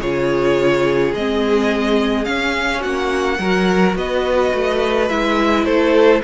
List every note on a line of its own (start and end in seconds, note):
0.00 1.13 C#3
0.00 1.15 F4
0.00 2.79 G#4
0.00 1.13 C#5
1.14 2.27 G#3
1.14 2.24 C4
1.14 2.24 D#5
2.24 3.37 C#4
2.24 2.84 C#4
2.24 2.81 F5
2.79 3.38 A#3
2.79 3.36 F#4
2.79 3.96 F#5
3.38 3.95 F#3
3.38 5.09 F#4
3.38 3.97 A#4
3.95 4.52 B3
3.95 5.65 B4
3.95 5.09 D#5
4.53 5.10 A3
5.09 5.65 G#3
5.09 6.22 E4
5.09 5.65 E5
5.65 6.22 A3
5.65 6.21 A4
5.65 6.21 C5